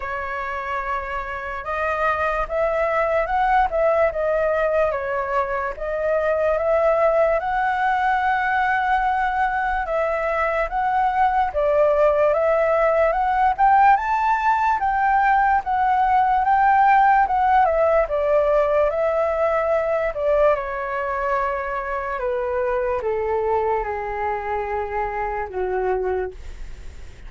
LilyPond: \new Staff \with { instrumentName = "flute" } { \time 4/4 \tempo 4 = 73 cis''2 dis''4 e''4 | fis''8 e''8 dis''4 cis''4 dis''4 | e''4 fis''2. | e''4 fis''4 d''4 e''4 |
fis''8 g''8 a''4 g''4 fis''4 | g''4 fis''8 e''8 d''4 e''4~ | e''8 d''8 cis''2 b'4 | a'4 gis'2 fis'4 | }